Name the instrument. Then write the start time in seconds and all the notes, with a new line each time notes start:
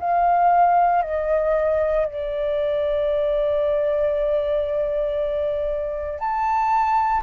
flute
0.00 F5
1.03 D#5
2.06 D5
6.20 A5